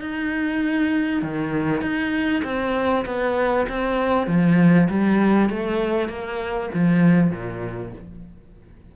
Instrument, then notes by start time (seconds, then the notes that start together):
cello
0.00 D#4
1.22 D#3
1.81 D#4
2.43 C4
3.05 B3
3.68 C4
4.27 F3
4.89 G3
5.49 A3
6.08 A#3
6.73 F3
7.31 A#2